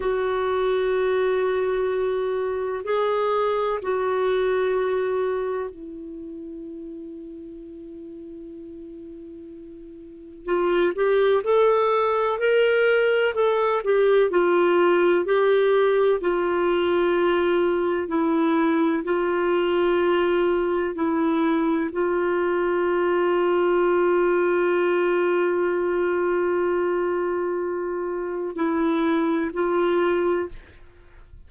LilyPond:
\new Staff \with { instrumentName = "clarinet" } { \time 4/4 \tempo 4 = 63 fis'2. gis'4 | fis'2 e'2~ | e'2. f'8 g'8 | a'4 ais'4 a'8 g'8 f'4 |
g'4 f'2 e'4 | f'2 e'4 f'4~ | f'1~ | f'2 e'4 f'4 | }